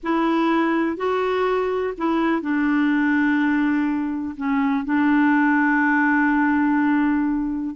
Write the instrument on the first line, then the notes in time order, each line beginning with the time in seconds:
clarinet
0.03 E4
0.97 F#4
1.97 E4
2.41 D4
4.37 C#4
4.85 D4